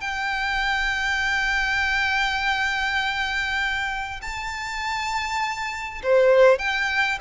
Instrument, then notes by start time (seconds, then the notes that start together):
violin
0.00 G5
4.22 A5
6.03 C5
6.58 G5